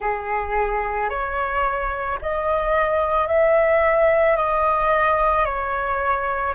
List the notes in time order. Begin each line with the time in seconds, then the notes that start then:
0.00 G#4
1.09 C#5
2.21 D#5
3.27 E5
4.36 D#5
5.45 C#5